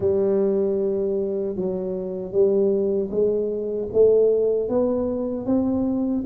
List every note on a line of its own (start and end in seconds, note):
0.00 1.56 G3
1.56 2.32 F#3
2.32 3.10 G3
3.10 3.88 G#3
3.92 4.69 A3
4.69 5.45 B3
5.45 6.23 C4